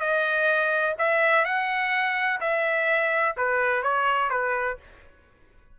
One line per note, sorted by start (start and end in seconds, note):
0.00 0.95 D#5
0.99 1.45 E5
1.45 2.40 F#5
2.40 3.35 E5
3.37 3.83 B4
3.83 4.30 C#5
4.30 4.78 B4